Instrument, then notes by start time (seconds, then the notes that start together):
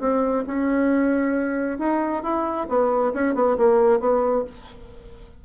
bassoon
0.00 C4
0.47 C#4
1.79 D#4
2.24 E4
2.69 B3
3.14 C#4
3.35 B3
3.58 A#3
4.00 B3